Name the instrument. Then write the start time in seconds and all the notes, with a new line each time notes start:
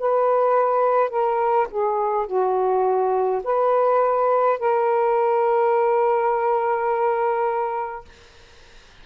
saxophone
0.00 B4
1.10 A#4
1.71 G#4
2.27 F#4
3.45 B4
4.59 A#4